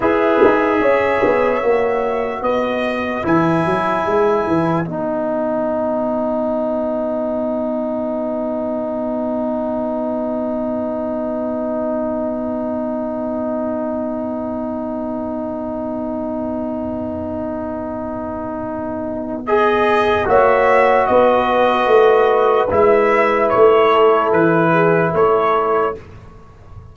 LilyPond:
<<
  \new Staff \with { instrumentName = "trumpet" } { \time 4/4 \tempo 4 = 74 e''2. dis''4 | gis''2 fis''2~ | fis''1~ | fis''1~ |
fis''1~ | fis''1 | dis''4 e''4 dis''2 | e''4 cis''4 b'4 cis''4 | }
  \new Staff \with { instrumentName = "horn" } { \time 4/4 b'4 cis''2 b'4~ | b'1~ | b'1~ | b'1~ |
b'1~ | b'1~ | b'4 cis''4 b'2~ | b'4. a'4 gis'8 a'4 | }
  \new Staff \with { instrumentName = "trombone" } { \time 4/4 gis'2 fis'2 | e'2 dis'2~ | dis'1~ | dis'1~ |
dis'1~ | dis'1 | gis'4 fis'2. | e'1 | }
  \new Staff \with { instrumentName = "tuba" } { \time 4/4 e'8 dis'8 cis'8 b8 ais4 b4 | e8 fis8 gis8 e8 b2~ | b1~ | b1~ |
b1~ | b1~ | b4 ais4 b4 a4 | gis4 a4 e4 a4 | }
>>